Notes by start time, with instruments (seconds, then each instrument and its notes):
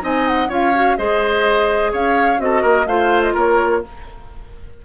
0.00 bassoon C4, clarinet D#4, oboe D#5, flute G#5
0.27 flute F#5
0.48 bassoon C#4, clarinet F4, oboe C#5, flute F5
0.74 clarinet F#4
0.97 bassoon G#3, clarinet G#4, oboe C5, flute D#5
1.92 bassoon C#4, oboe C#5, flute F5
2.37 bassoon C4, clarinet F#4, flute D#5
2.44 oboe A4
2.61 bassoon A#3, oboe A#4
2.86 bassoon A3, clarinet F4, oboe C5, flute F5
3.22 flute D#5
3.34 bassoon A#3, oboe A#4, flute C#5